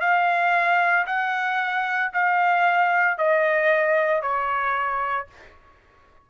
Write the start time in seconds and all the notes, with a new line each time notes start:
0.00 F5
1.06 F#5
2.13 F5
3.18 D#5
4.22 C#5